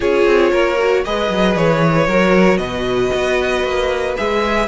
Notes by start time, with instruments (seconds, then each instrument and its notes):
0.00 cello C#4, viola F4, violin G#4 C#5
0.26 cello C4
0.51 cello A#3, violin A#4
0.78 viola F#4
1.04 cello G#3, viola G#4, violin B4 D#5
1.29 cello F#3
1.55 cello E3, violin C#5
2.06 cello F#3, viola F#4, violin A#4
2.57 cello B2, violin B4 D#5
3.14 cello B3
3.63 cello A#3
4.17 cello G#3, viola G#4, violin E5